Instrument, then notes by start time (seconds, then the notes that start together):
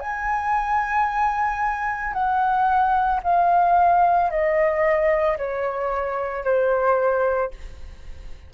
flute
0.00 G#5
2.13 F#5
3.23 F5
4.30 D#5
5.38 C#5
6.44 C5